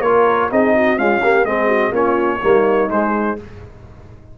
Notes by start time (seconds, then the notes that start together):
0.00 A#3 F4 A#4 C#5
0.50 C4 D#4 G#4 D#5
0.75 F#4
0.97 G#3 C#4 F4 F5
1.22 A#3 G4
1.44 G#3 C4 G#4 D#5
1.67 F#4
1.91 A#3 C#4 F4 C#5
2.41 G3 A#3 D#4
2.89 G#3 C5